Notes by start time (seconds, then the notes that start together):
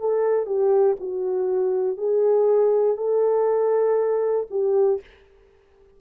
0.00 A4
0.46 G4
1.00 F#4
1.98 G#4
2.97 A4
4.50 G4